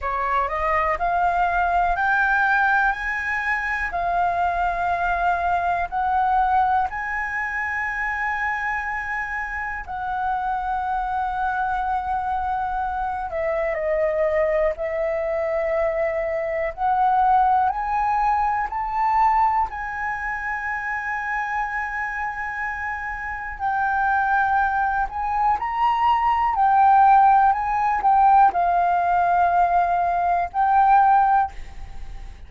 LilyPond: \new Staff \with { instrumentName = "flute" } { \time 4/4 \tempo 4 = 61 cis''8 dis''8 f''4 g''4 gis''4 | f''2 fis''4 gis''4~ | gis''2 fis''2~ | fis''4. e''8 dis''4 e''4~ |
e''4 fis''4 gis''4 a''4 | gis''1 | g''4. gis''8 ais''4 g''4 | gis''8 g''8 f''2 g''4 | }